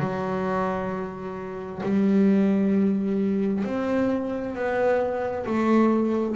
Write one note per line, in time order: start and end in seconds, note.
0.00 1.82 F#3
1.83 3.64 G3
3.64 4.55 C4
4.55 5.45 B3
5.46 6.36 A3